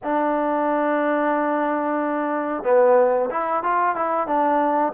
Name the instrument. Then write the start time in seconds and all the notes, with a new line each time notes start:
trombone
0.03 D4
2.63 B3
3.30 E4
3.63 F4
3.95 E4
4.27 D4